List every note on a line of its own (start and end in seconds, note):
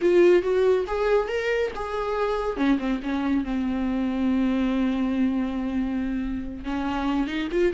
0.01 0.42 F4
0.42 0.85 F#4
0.87 1.28 G#4
1.28 1.71 A#4
1.75 2.56 G#4
2.56 2.78 C#4
2.78 3.00 C4
3.02 3.44 C#4
3.44 6.64 C4
6.64 7.27 C#4
7.27 7.48 D#4
7.51 7.73 F4